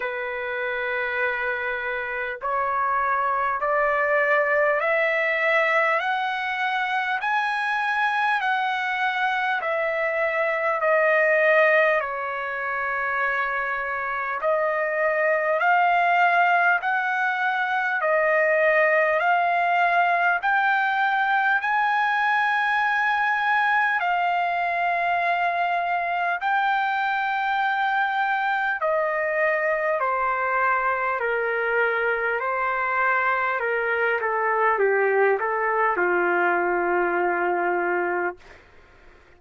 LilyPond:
\new Staff \with { instrumentName = "trumpet" } { \time 4/4 \tempo 4 = 50 b'2 cis''4 d''4 | e''4 fis''4 gis''4 fis''4 | e''4 dis''4 cis''2 | dis''4 f''4 fis''4 dis''4 |
f''4 g''4 gis''2 | f''2 g''2 | dis''4 c''4 ais'4 c''4 | ais'8 a'8 g'8 a'8 f'2 | }